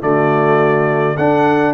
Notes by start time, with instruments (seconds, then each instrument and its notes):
0.00 tuba D3, trombone A3, horn F#4, trumpet D5
1.16 tuba D4, trombone D4, horn A4, trumpet F#5